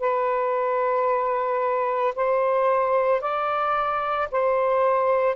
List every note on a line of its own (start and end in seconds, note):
0.00 2.14 B4
2.16 3.21 C5
3.21 4.28 D5
4.31 5.36 C5